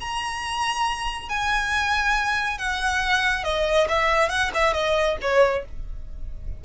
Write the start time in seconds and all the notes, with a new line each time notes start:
0.00 A#5
1.29 G#5
2.58 F#5
3.44 D#5
3.89 E5
4.29 F#5
4.54 E5
4.74 D#5
5.21 C#5